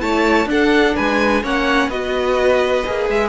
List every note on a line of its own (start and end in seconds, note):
0.00 0.46 A3
0.00 0.47 E4
0.00 0.49 C#5
0.00 0.48 A5
0.46 0.93 D4
0.46 1.44 D4
0.46 0.96 A4
0.46 0.96 F#5
0.96 1.43 G#3
0.96 1.43 B4
0.96 1.43 G#5
1.43 1.88 A#3
1.43 1.91 C#4
1.43 1.89 C#5
1.43 1.90 F#5
1.88 2.83 B3
1.88 2.85 F#4
1.88 3.29 B4
1.88 3.08 D#5
2.86 3.10 A#3
2.86 3.29 G#4
3.10 3.29 G#3
3.10 3.29 E5